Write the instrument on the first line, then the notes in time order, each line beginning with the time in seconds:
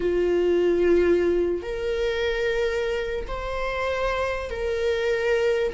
viola
0.00 F4
1.62 A#4
3.27 C5
4.50 A#4